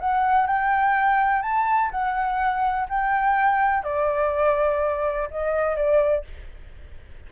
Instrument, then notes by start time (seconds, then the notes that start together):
flute
0.00 F#5
0.47 G5
1.42 A5
1.91 F#5
2.89 G5
3.84 D5
5.31 D#5
5.76 D5